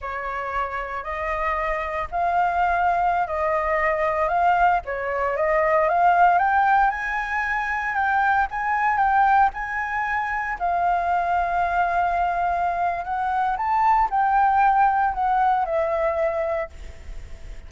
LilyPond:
\new Staff \with { instrumentName = "flute" } { \time 4/4 \tempo 4 = 115 cis''2 dis''2 | f''2~ f''16 dis''4.~ dis''16~ | dis''16 f''4 cis''4 dis''4 f''8.~ | f''16 g''4 gis''2 g''8.~ |
g''16 gis''4 g''4 gis''4.~ gis''16~ | gis''16 f''2.~ f''8.~ | f''4 fis''4 a''4 g''4~ | g''4 fis''4 e''2 | }